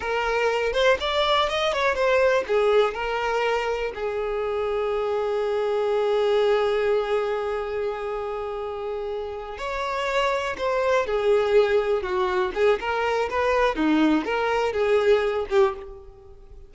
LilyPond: \new Staff \with { instrumentName = "violin" } { \time 4/4 \tempo 4 = 122 ais'4. c''8 d''4 dis''8 cis''8 | c''4 gis'4 ais'2 | gis'1~ | gis'1~ |
gis'2.~ gis'8 cis''8~ | cis''4. c''4 gis'4.~ | gis'8 fis'4 gis'8 ais'4 b'4 | dis'4 ais'4 gis'4. g'8 | }